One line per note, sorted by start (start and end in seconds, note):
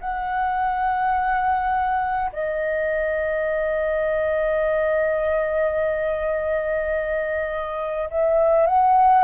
0.00 2.31 F#5
2.32 8.09 D#5
8.10 8.66 E5
8.66 9.24 F#5